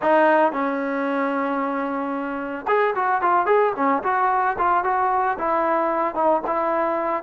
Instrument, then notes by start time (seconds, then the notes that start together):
trombone
0.01 D#4
0.51 C#4
2.67 G#4
2.95 F#4
3.21 F4
3.46 G#4
3.75 C#4
4.03 F#4
4.58 F4
4.84 F#4
5.38 E4
6.14 D#4
6.46 E4